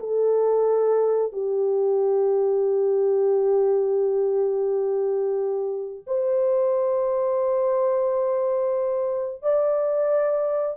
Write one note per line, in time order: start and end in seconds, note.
0.00 1.33 A4
1.33 6.05 G4
6.07 9.43 C5
9.43 10.77 D5